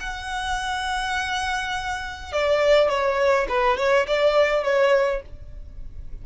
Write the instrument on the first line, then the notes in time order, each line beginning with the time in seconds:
violin
0.00 F#5
2.32 D5
2.89 C#5
3.49 B4
3.77 C#5
4.07 D5
4.64 C#5